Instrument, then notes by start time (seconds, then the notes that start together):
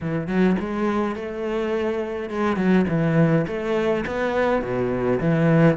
cello
0.00 E3
0.27 F#3
0.59 G#3
1.15 A3
2.29 G#3
2.56 F#3
2.88 E3
3.47 A3
4.06 B3
4.62 B2
5.20 E3